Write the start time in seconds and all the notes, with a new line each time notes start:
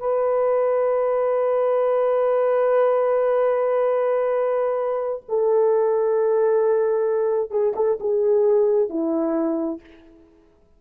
0.00 B4
5.29 A4
7.51 G#4
7.76 A4
8.01 G#4
8.90 E4